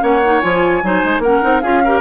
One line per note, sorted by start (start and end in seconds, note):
0.00 0.42 A#3
0.00 0.20 C#4
0.00 0.83 C#5
0.00 0.40 F#5
0.25 0.42 D#4
0.40 0.83 F3
0.40 0.82 F4
0.40 1.21 G#5
0.83 1.03 F#3
0.83 1.23 D#4
0.83 1.22 C5
1.04 1.18 G#3
1.18 1.38 A#3
1.18 1.62 A#4
1.18 1.60 F#5
1.24 1.41 C#4
1.41 1.63 C4
1.41 1.62 D#4
1.60 2.00 C#4
1.60 1.83 F4
1.60 1.82 G#4
1.60 2.00 F5
1.84 2.00 G4
1.84 2.00 A#4